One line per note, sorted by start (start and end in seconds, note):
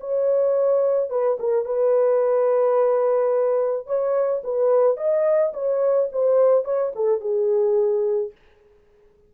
0.00 1.10 C#5
1.10 1.37 B4
1.39 1.65 A#4
1.65 3.86 B4
3.86 4.42 C#5
4.44 4.97 B4
4.97 5.53 D#5
5.54 6.09 C#5
6.12 6.65 C5
6.65 6.92 C#5
6.95 7.20 A4
7.20 8.32 G#4